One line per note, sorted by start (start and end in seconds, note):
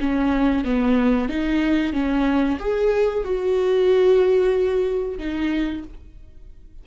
0.00 0.65 C#4
0.65 1.29 B3
1.29 1.93 D#4
1.93 2.58 C#4
2.60 3.25 G#4
3.25 5.19 F#4
5.19 5.84 D#4